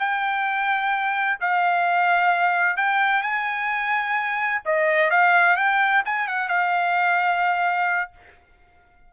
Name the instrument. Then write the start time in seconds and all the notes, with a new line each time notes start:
trumpet
0.00 G5
1.41 F5
2.77 G5
3.23 G#5
4.66 D#5
5.11 F5
5.57 G5
6.06 G#5
6.28 F#5
6.49 F5